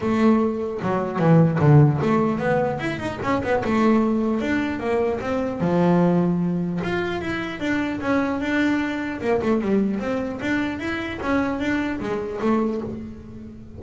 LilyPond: \new Staff \with { instrumentName = "double bass" } { \time 4/4 \tempo 4 = 150 a2 fis4 e4 | d4 a4 b4 e'8 dis'8 | cis'8 b8 a2 d'4 | ais4 c'4 f2~ |
f4 f'4 e'4 d'4 | cis'4 d'2 ais8 a8 | g4 c'4 d'4 e'4 | cis'4 d'4 gis4 a4 | }